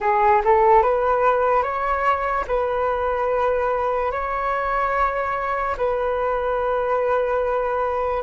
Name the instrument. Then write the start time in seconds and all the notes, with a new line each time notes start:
flute
0.00 G#4
0.44 A4
0.82 B4
1.62 C#5
2.47 B4
4.11 C#5
5.77 B4